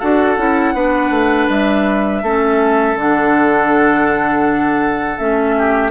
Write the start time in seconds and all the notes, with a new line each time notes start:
0.00 D4 F#4 A4 F#5
0.37 C#4 E4
0.74 B3 D4 B4
1.10 A3
1.49 G3 E5
2.23 A3 C#4 A4
2.96 D3 D4 F#5
5.18 A3 C#4 E5
5.58 G4